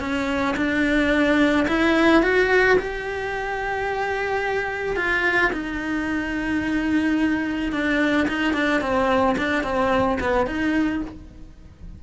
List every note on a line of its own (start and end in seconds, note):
0.00 0.55 C#4
0.57 1.67 D4
1.68 2.23 E4
2.23 2.78 F#4
2.78 4.96 G4
4.96 5.51 F4
5.52 7.72 D#4
7.72 8.27 D4
8.28 8.53 D#4
8.53 8.81 D4
8.81 9.36 C4
9.38 9.64 D4
9.64 10.19 C4
10.20 10.47 B3
10.47 11.01 D#4